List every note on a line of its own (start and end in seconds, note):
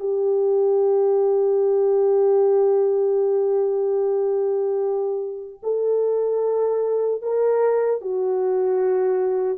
0.00 5.60 G4
5.63 7.23 A4
7.23 8.01 A#4
8.01 9.59 F#4